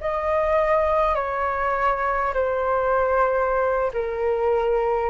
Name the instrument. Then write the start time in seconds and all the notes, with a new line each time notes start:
flute
0.00 D#5
1.14 C#5
2.33 C5
3.93 A#4